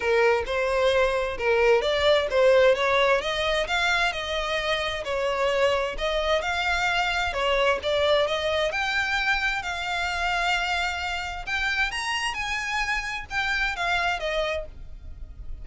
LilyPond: \new Staff \with { instrumentName = "violin" } { \time 4/4 \tempo 4 = 131 ais'4 c''2 ais'4 | d''4 c''4 cis''4 dis''4 | f''4 dis''2 cis''4~ | cis''4 dis''4 f''2 |
cis''4 d''4 dis''4 g''4~ | g''4 f''2.~ | f''4 g''4 ais''4 gis''4~ | gis''4 g''4 f''4 dis''4 | }